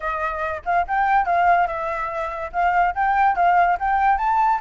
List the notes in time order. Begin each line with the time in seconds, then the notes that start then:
0.00 D#5
0.65 F5
0.87 G5
1.25 F5
1.67 E5
2.52 F5
2.94 G5
3.35 F5
3.79 G5
4.17 A5